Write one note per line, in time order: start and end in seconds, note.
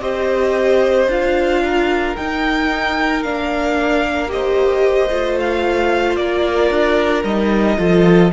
0.00 1.07 C4
0.00 1.08 G4
0.00 1.63 C5
0.00 1.08 D#5
1.07 2.14 D4
1.07 2.16 F4
1.07 2.16 F5
1.64 4.32 A#4
2.16 3.24 D#4
2.16 3.25 D#4
2.16 3.23 G5
3.23 5.10 A#3
3.23 4.27 D4
3.23 4.30 F5
4.27 5.08 G4
4.27 6.20 C5
4.27 5.39 D#5
5.10 6.17 A3
5.10 7.24 F4
5.40 6.16 F5
6.16 6.70 A#3
6.16 7.78 A#4
6.16 7.23 D5
6.70 7.24 D4
7.24 7.77 G3
7.24 7.77 D#4
7.24 8.31 D#5
7.77 8.32 F3
7.77 8.31 F4
7.77 8.32 A4